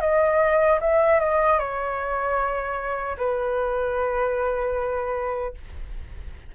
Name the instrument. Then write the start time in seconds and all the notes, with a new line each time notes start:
flute
0.00 D#5
0.80 E5
1.19 D#5
1.59 C#5
3.17 B4